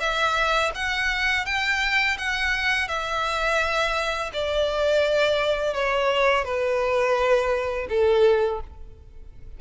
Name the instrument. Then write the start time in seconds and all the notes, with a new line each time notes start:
violin
0.00 E5
0.75 F#5
1.46 G5
2.18 F#5
2.88 E5
4.33 D5
5.74 C#5
6.44 B4
7.89 A4